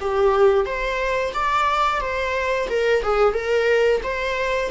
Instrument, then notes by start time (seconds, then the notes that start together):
viola
0.00 G4
0.65 C5
1.33 D5
2.00 C5
2.69 A#4
3.02 G#4
3.33 A#4
4.03 C5